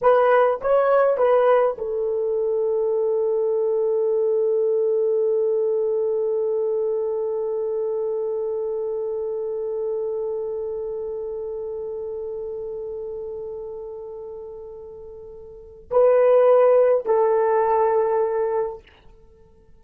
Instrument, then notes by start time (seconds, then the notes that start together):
horn
0.01 B4
0.61 C#5
1.17 B4
1.78 A4
15.90 B4
17.05 A4